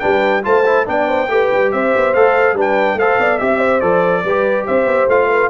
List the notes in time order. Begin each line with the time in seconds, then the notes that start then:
0.00 G3 D4 B4 G5
0.43 A3 F4 C5 A5
0.66 E4
0.85 B3 D4 D5 G5
1.08 C5
1.28 A3 G4 B4
1.52 G3
1.72 C4 C5 E5
1.96 B3
2.14 A3 A4 F5
2.53 G3 D4 B4
2.61 G5
2.94 A3 C5 F5
3.00 A4
3.18 B3 D5
3.38 C4 G4 E5
3.59 C5
3.80 F3 A4 D5
4.23 G3 G4 B4
4.66 C4 C5 E5
4.85 B3
5.08 A3 F4 F5
5.28 B4